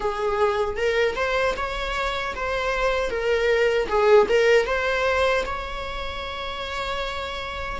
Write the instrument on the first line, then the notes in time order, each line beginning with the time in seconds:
viola
0.00 G#4
0.77 A#4
1.15 C5
1.56 C#5
2.35 C5
3.10 A#4
3.88 G#4
4.29 A#4
4.66 C5
5.45 C#5